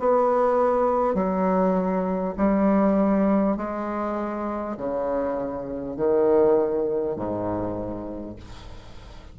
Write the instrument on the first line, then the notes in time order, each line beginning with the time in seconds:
bassoon
0.00 B3
1.15 F#3
2.37 G3
3.57 G#3
4.77 C#3
5.97 D#3
7.16 G#2